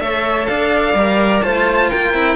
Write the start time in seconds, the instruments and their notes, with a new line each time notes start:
0.00 cello A3 A4, flute C#5, violin E5
0.47 cello D4, flute D5, violin F5
0.94 cello G3 A#4
1.43 cello A3 F4, flute C5, violin A5
1.90 cello A#3, flute A#4, violin G5
2.14 cello C4 E4